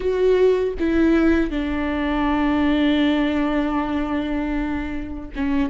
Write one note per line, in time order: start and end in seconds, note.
0.00 0.73 F#4
0.79 1.50 E4
1.50 5.30 D4
5.35 5.70 C#4